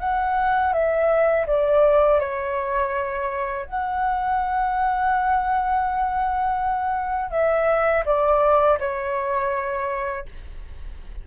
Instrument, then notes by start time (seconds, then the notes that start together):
flute
0.00 F#5
0.73 E5
1.47 D5
2.20 C#5
3.66 F#5
7.31 E5
8.06 D5
8.80 C#5